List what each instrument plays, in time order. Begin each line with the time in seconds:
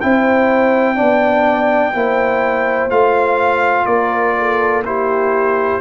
0.00 tuba C4, trombone E4, horn C5, trumpet G5
0.95 tuba B3, trombone D4, horn D5
1.93 tuba A#3, trombone E4, horn C5
2.90 tuba A3, trombone F4, trumpet F5
3.85 tuba A#3, horn A#4, trumpet D5
4.37 horn A4
4.85 trombone E4, horn G4, trumpet C5